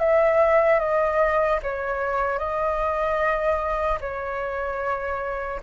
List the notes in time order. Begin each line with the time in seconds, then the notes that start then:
0.00 E5
0.80 D#5
1.63 C#5
2.39 D#5
4.01 C#5